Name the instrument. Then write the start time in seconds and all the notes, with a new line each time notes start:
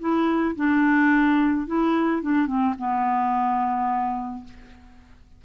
clarinet
0.00 E4
0.56 D4
1.67 E4
2.22 D4
2.47 C4
2.78 B3